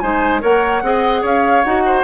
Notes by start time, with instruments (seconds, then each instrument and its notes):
0.00 bassoon G#3, clarinet D#4, oboe C5, flute G#5
0.41 bassoon A#3, clarinet A#4, oboe C#5, flute F#5
0.83 bassoon C4, clarinet G#4, oboe D#5
1.22 bassoon C#4, oboe C#5, flute F5
1.64 bassoon D#4, clarinet F#4, flute F#5
1.86 oboe C5